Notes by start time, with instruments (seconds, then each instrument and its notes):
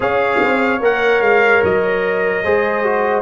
0.00 tuba C#4, trombone G#4, horn C#5, trumpet F5
0.41 tuba C4
0.80 tuba A#3, trombone A#4, trumpet F#5
1.20 tuba G#3, trumpet F5
1.63 tuba F#3, trumpet D#5
2.43 tuba G#3, trombone G#4, horn C5
2.84 trombone F#4